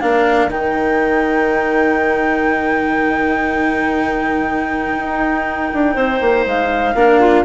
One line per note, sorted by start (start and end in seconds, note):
0.00 0.48 A#3
0.00 0.50 D4
0.00 5.94 A#4
0.00 0.50 F5
0.48 4.94 D#3
0.48 6.95 D#4
0.48 6.46 G5
4.98 5.72 D#4
5.73 5.95 D4
5.94 6.20 C4
5.94 6.94 C5
6.20 6.45 A#3
6.46 6.94 G#3
6.46 7.44 F5
6.94 7.43 A#3
6.94 7.44 D4
6.94 7.20 A#4
7.20 7.44 F4